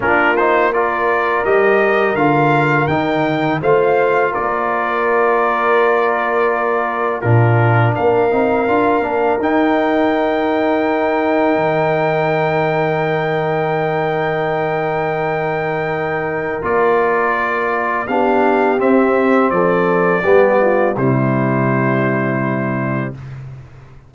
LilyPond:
<<
  \new Staff \with { instrumentName = "trumpet" } { \time 4/4 \tempo 4 = 83 ais'8 c''8 d''4 dis''4 f''4 | g''4 f''4 d''2~ | d''2 ais'4 f''4~ | f''4 g''2.~ |
g''1~ | g''2. d''4~ | d''4 f''4 e''4 d''4~ | d''4 c''2. | }
  \new Staff \with { instrumentName = "horn" } { \time 4/4 f'4 ais'2.~ | ais'4 c''4 ais'2~ | ais'2 f'4 ais'4~ | ais'1~ |
ais'1~ | ais'1~ | ais'4 g'2 a'4 | g'8 f'8 e'2. | }
  \new Staff \with { instrumentName = "trombone" } { \time 4/4 d'8 dis'8 f'4 g'4 f'4 | dis'4 f'2.~ | f'2 d'4. dis'8 | f'8 d'8 dis'2.~ |
dis'1~ | dis'2. f'4~ | f'4 d'4 c'2 | b4 g2. | }
  \new Staff \with { instrumentName = "tuba" } { \time 4/4 ais2 g4 d4 | dis4 a4 ais2~ | ais2 ais,4 ais8 c'8 | d'8 ais8 dis'2. |
dis1~ | dis2. ais4~ | ais4 b4 c'4 f4 | g4 c2. | }
>>